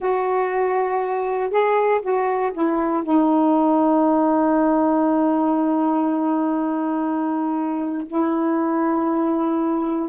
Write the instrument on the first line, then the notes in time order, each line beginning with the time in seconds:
saxophone
0.00 F#4
1.50 G#4
2.01 F#4
2.53 E4
3.03 D#4
8.07 E4